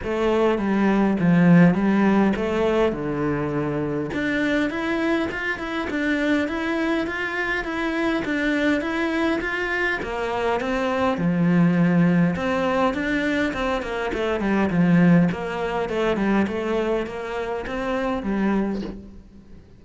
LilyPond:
\new Staff \with { instrumentName = "cello" } { \time 4/4 \tempo 4 = 102 a4 g4 f4 g4 | a4 d2 d'4 | e'4 f'8 e'8 d'4 e'4 | f'4 e'4 d'4 e'4 |
f'4 ais4 c'4 f4~ | f4 c'4 d'4 c'8 ais8 | a8 g8 f4 ais4 a8 g8 | a4 ais4 c'4 g4 | }